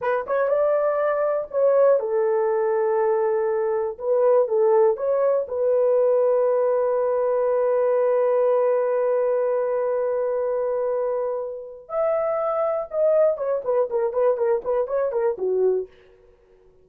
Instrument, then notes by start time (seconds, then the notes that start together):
horn
0.01 B4
0.26 C#5
0.48 D5
1.50 C#5
1.99 A4
3.98 B4
4.47 A4
4.96 C#5
5.48 B4
11.88 E5
12.90 D#5
13.37 C#5
13.64 B4
13.90 A#4
14.13 B4
14.37 A#4
14.64 B4
14.87 C#5
15.12 A#4
15.37 F#4